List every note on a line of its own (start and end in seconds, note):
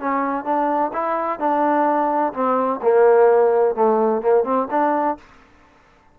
0.00 0.45 C#4
0.45 0.92 D4
0.93 1.39 E4
1.39 2.33 D4
2.33 2.80 C4
2.82 3.75 A#3
3.75 4.22 A3
4.22 4.44 A#3
4.44 4.68 C4
4.71 5.18 D4